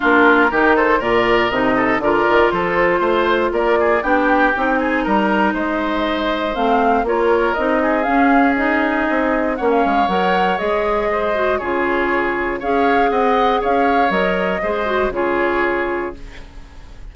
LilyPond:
<<
  \new Staff \with { instrumentName = "flute" } { \time 4/4 \tempo 4 = 119 ais'4. c''8 d''4 dis''4 | d''4 c''2 d''4 | g''4. gis''8 ais''4 dis''4~ | dis''4 f''4 cis''4 dis''4 |
f''4 dis''2 fis''16 f''8. | fis''4 dis''2 cis''4~ | cis''4 f''4 fis''4 f''4 | dis''2 cis''2 | }
  \new Staff \with { instrumentName = "oboe" } { \time 4/4 f'4 g'8 a'8 ais'4. a'8 | ais'4 a'4 c''4 ais'8 gis'8 | g'4. gis'8 ais'4 c''4~ | c''2 ais'4. gis'8~ |
gis'2. cis''4~ | cis''2 c''4 gis'4~ | gis'4 cis''4 dis''4 cis''4~ | cis''4 c''4 gis'2 | }
  \new Staff \with { instrumentName = "clarinet" } { \time 4/4 d'4 dis'4 f'4 dis'4 | f'1 | d'4 dis'2.~ | dis'4 c'4 f'4 dis'4 |
cis'4 dis'2 cis'4 | ais'4 gis'4. fis'8 f'4~ | f'4 gis'2. | ais'4 gis'8 fis'8 f'2 | }
  \new Staff \with { instrumentName = "bassoon" } { \time 4/4 ais4 dis4 ais,4 c4 | d8 dis8 f4 a4 ais4 | b4 c'4 g4 gis4~ | gis4 a4 ais4 c'4 |
cis'2 c'4 ais8 gis8 | fis4 gis2 cis4~ | cis4 cis'4 c'4 cis'4 | fis4 gis4 cis2 | }
>>